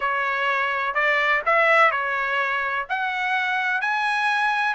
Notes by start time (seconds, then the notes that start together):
0.00 C#5
0.94 D5
1.45 E5
1.91 C#5
2.89 F#5
3.81 G#5